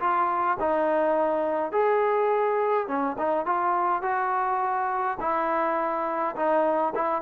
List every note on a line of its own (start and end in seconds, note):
0.00 0.58 F4
0.60 1.72 D#4
1.72 2.87 G#4
2.87 3.16 C#4
3.18 3.46 D#4
3.46 4.03 F4
4.03 5.18 F#4
5.20 6.36 E4
6.36 6.94 D#4
6.95 7.22 E4